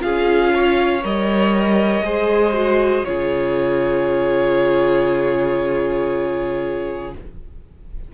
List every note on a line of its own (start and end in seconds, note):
0.00 1.04 C#4
0.00 1.02 F4
0.00 0.54 G#4
0.00 1.04 F5
0.54 2.05 C#5
1.03 2.02 G3
1.03 2.04 A#4
1.03 3.05 D#5
2.02 3.04 G#3
2.02 2.54 G#4
2.02 3.07 C5
2.54 3.05 F#4
3.05 7.15 C#3
3.05 7.14 F4
3.05 7.14 G#4
3.05 7.12 C#5